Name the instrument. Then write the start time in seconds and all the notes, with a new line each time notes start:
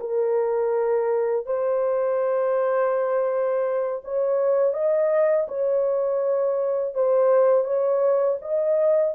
horn
0.00 A#4
1.46 C5
4.04 C#5
4.74 D#5
5.48 C#5
6.94 C5
7.64 C#5
8.41 D#5